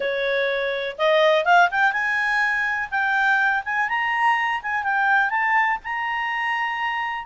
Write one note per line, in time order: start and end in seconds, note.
0.00 0.96 C#5
0.98 1.45 D#5
1.45 1.69 F5
1.70 1.92 G5
1.92 2.89 G#5
2.90 3.63 G5
3.64 3.88 G#5
3.88 4.61 A#5
4.62 4.83 G#5
4.83 5.30 G5
5.30 5.78 A5
5.84 7.26 A#5